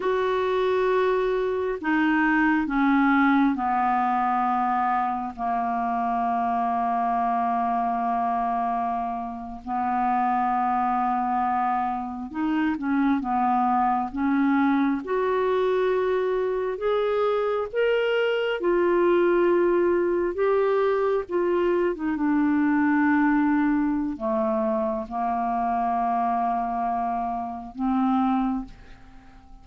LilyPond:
\new Staff \with { instrumentName = "clarinet" } { \time 4/4 \tempo 4 = 67 fis'2 dis'4 cis'4 | b2 ais2~ | ais2~ ais8. b4~ b16~ | b4.~ b16 dis'8 cis'8 b4 cis'16~ |
cis'8. fis'2 gis'4 ais'16~ | ais'8. f'2 g'4 f'16~ | f'8 dis'16 d'2~ d'16 a4 | ais2. c'4 | }